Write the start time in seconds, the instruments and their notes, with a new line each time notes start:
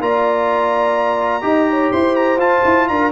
0.00 tuba A#3, trombone F4, horn D5, trumpet A#5
1.42 tuba D#4, trombone G4, horn D#5
1.70 horn C#5
1.92 tuba E4, horn C5, trumpet C6
2.16 trumpet A#5
2.37 tuba F4, trombone F4, trumpet A5
2.65 tuba E4
2.88 tuba D4, horn A#4, trumpet A#5